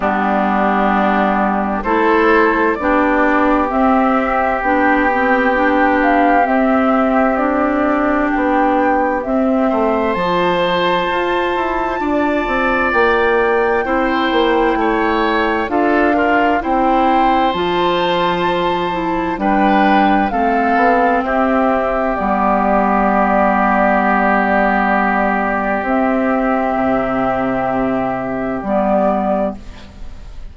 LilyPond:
<<
  \new Staff \with { instrumentName = "flute" } { \time 4/4 \tempo 4 = 65 g'2 c''4 d''4 | e''4 g''4. f''8 e''4 | d''4 g''4 e''4 a''4~ | a''2 g''2~ |
g''4 f''4 g''4 a''4~ | a''4 g''4 f''4 e''4 | d''1 | e''2. d''4 | }
  \new Staff \with { instrumentName = "oboe" } { \time 4/4 d'2 a'4 g'4~ | g'1~ | g'2~ g'8 c''4.~ | c''4 d''2 c''4 |
cis''4 a'8 f'8 c''2~ | c''4 b'4 a'4 g'4~ | g'1~ | g'1 | }
  \new Staff \with { instrumentName = "clarinet" } { \time 4/4 b2 e'4 d'4 | c'4 d'8 c'8 d'4 c'4 | d'2 c'4 f'4~ | f'2. e'4~ |
e'4 f'8 ais'8 e'4 f'4~ | f'8 e'8 d'4 c'2 | b1 | c'2. b4 | }
  \new Staff \with { instrumentName = "bassoon" } { \time 4/4 g2 a4 b4 | c'4 b2 c'4~ | c'4 b4 c'8 a8 f4 | f'8 e'8 d'8 c'8 ais4 c'8 ais8 |
a4 d'4 c'4 f4~ | f4 g4 a8 b8 c'4 | g1 | c'4 c2 g4 | }
>>